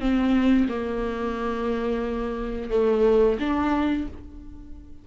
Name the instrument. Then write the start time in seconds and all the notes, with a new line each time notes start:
viola
0.00 C4
0.69 A#3
2.71 A3
3.40 D4